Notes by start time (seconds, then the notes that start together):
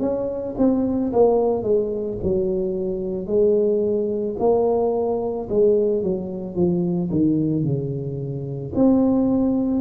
0.00 C#4
0.58 C4
1.13 A#3
1.63 G#3
2.23 F#3
3.27 G#3
4.39 A#3
5.49 G#3
6.03 F#3
6.56 F3
7.11 D#3
7.64 C#3
8.75 C4